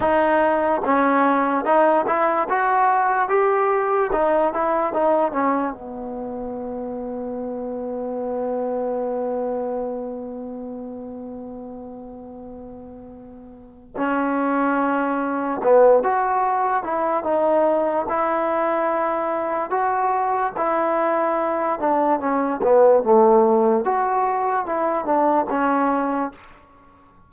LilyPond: \new Staff \with { instrumentName = "trombone" } { \time 4/4 \tempo 4 = 73 dis'4 cis'4 dis'8 e'8 fis'4 | g'4 dis'8 e'8 dis'8 cis'8 b4~ | b1~ | b1~ |
b4 cis'2 b8 fis'8~ | fis'8 e'8 dis'4 e'2 | fis'4 e'4. d'8 cis'8 b8 | a4 fis'4 e'8 d'8 cis'4 | }